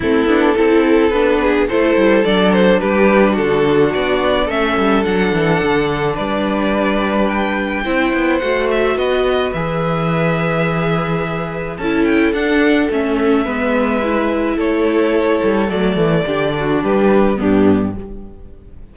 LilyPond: <<
  \new Staff \with { instrumentName = "violin" } { \time 4/4 \tempo 4 = 107 a'2 b'4 c''4 | d''8 c''8 b'4 a'4 d''4 | e''4 fis''2 d''4~ | d''4 g''2 fis''8 e''8 |
dis''4 e''2.~ | e''4 a''8 g''8 fis''4 e''4~ | e''2 cis''2 | d''2 b'4 g'4 | }
  \new Staff \with { instrumentName = "violin" } { \time 4/4 e'4 a'4. gis'8 a'4~ | a'4 g'4 fis'2 | a'2. b'4~ | b'2 c''2 |
b'1~ | b'4 a'2. | b'2 a'2~ | a'4 g'8 fis'8 g'4 d'4 | }
  \new Staff \with { instrumentName = "viola" } { \time 4/4 c'8 d'8 e'4 d'4 e'4 | d'1 | cis'4 d'2.~ | d'2 e'4 fis'4~ |
fis'4 gis'2.~ | gis'4 e'4 d'4 cis'4 | b4 e'2. | a4 d'2 b4 | }
  \new Staff \with { instrumentName = "cello" } { \time 4/4 a8 b8 c'4 b4 a8 g8 | fis4 g4 d4 b4 | a8 g8 fis8 e8 d4 g4~ | g2 c'8 b8 a4 |
b4 e2.~ | e4 cis'4 d'4 a4 | gis2 a4. g8 | fis8 e8 d4 g4 g,4 | }
>>